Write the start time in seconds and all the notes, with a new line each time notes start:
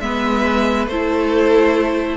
0.00 G#3 B3 B4 E5
0.87 A3 E4 A4 C5